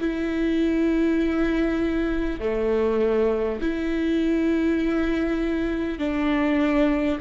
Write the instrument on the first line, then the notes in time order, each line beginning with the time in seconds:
viola
0.00 E4
2.39 A3
3.61 E4
5.98 D4